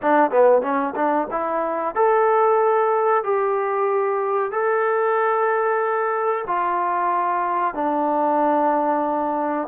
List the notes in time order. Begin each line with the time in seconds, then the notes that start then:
0.02 D4
0.30 B3
0.61 C#4
0.95 D4
1.30 E4
1.95 A4
3.23 G4
4.51 A4
6.47 F4
7.74 D4